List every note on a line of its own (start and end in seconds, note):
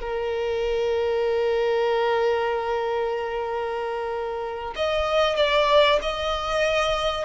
0.00 4.74 A#4
4.75 5.36 D#5
5.36 5.99 D5
6.01 7.25 D#5